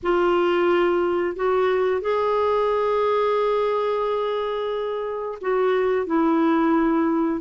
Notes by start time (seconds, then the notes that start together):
0.02 F4
1.35 F#4
2.01 G#4
5.41 F#4
6.06 E4